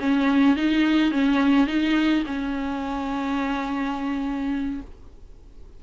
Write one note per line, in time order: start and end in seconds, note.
0.00 0.57 C#4
0.57 1.12 D#4
1.12 1.67 C#4
1.67 2.24 D#4
2.26 4.81 C#4